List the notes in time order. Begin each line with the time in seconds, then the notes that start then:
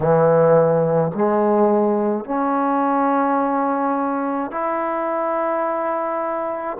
0.00 E3
1.14 G#3
2.24 C#4
4.51 E4